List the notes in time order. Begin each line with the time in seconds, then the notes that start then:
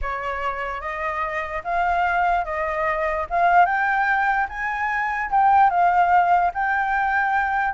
0.01 C#5
0.81 D#5
1.64 F5
2.45 D#5
3.30 F5
3.65 G5
4.48 G#5
5.31 G5
5.70 F5
6.54 G5